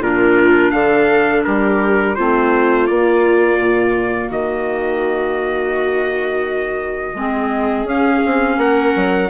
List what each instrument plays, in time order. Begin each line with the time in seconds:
0.00 bassoon A#2, clarinet D4, viola F4, trumpet A#4
0.71 bassoon D3, viola A4, trumpet F5
1.43 bassoon G3, viola G4, trumpet A#4
2.15 bassoon A3, clarinet C4, viola F4, trumpet C5
2.87 clarinet A#3, bassoon A#3, trumpet D5
3.59 bassoon A#2
4.29 bassoon D#3, viola F#4, trumpet D#5
7.14 bassoon G#3, clarinet C4, viola G#4
7.84 bassoon C#4, clarinet C#4, trumpet F5
8.25 bassoon C4
8.57 bassoon A#3, viola A#4, trumpet F#5
8.96 bassoon F#3